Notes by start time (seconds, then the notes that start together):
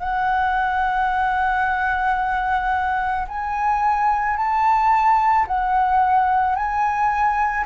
0.00 F#5
3.28 G#5
4.37 A5
5.47 F#5
6.56 G#5